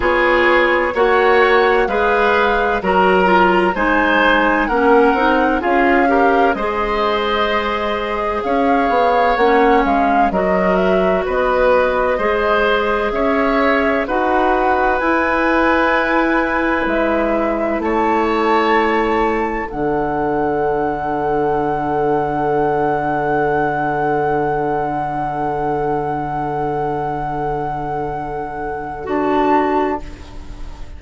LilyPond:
<<
  \new Staff \with { instrumentName = "flute" } { \time 4/4 \tempo 4 = 64 cis''4 fis''4 f''4 ais''4 | gis''4 fis''4 f''4 dis''4~ | dis''4 f''4 fis''8 f''8 dis''8 e''8 | dis''2 e''4 fis''4 |
gis''2 e''4 a''4~ | a''4 fis''2.~ | fis''1~ | fis''2. a''4 | }
  \new Staff \with { instrumentName = "oboe" } { \time 4/4 gis'4 cis''4 b'4 ais'4 | c''4 ais'4 gis'8 ais'8 c''4~ | c''4 cis''2 ais'4 | b'4 c''4 cis''4 b'4~ |
b'2. cis''4~ | cis''4 a'2.~ | a'1~ | a'1 | }
  \new Staff \with { instrumentName = "clarinet" } { \time 4/4 f'4 fis'4 gis'4 fis'8 f'8 | dis'4 cis'8 dis'8 f'8 g'8 gis'4~ | gis'2 cis'4 fis'4~ | fis'4 gis'2 fis'4 |
e'1~ | e'4 d'2.~ | d'1~ | d'2. fis'4 | }
  \new Staff \with { instrumentName = "bassoon" } { \time 4/4 b4 ais4 gis4 fis4 | gis4 ais8 c'8 cis'4 gis4~ | gis4 cis'8 b8 ais8 gis8 fis4 | b4 gis4 cis'4 dis'4 |
e'2 gis4 a4~ | a4 d2.~ | d1~ | d2. d'4 | }
>>